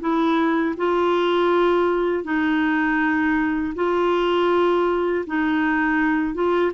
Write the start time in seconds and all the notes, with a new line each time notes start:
0.00 E4
0.77 F4
2.24 D#4
3.75 F4
5.26 D#4
6.34 F4